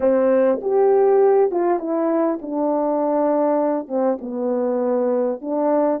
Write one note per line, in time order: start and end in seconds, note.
0.00 0.60 C4
0.61 1.51 G4
1.51 1.79 F4
1.79 2.39 E4
2.41 3.88 D4
3.88 4.18 C4
4.21 5.41 B3
5.41 6.00 D4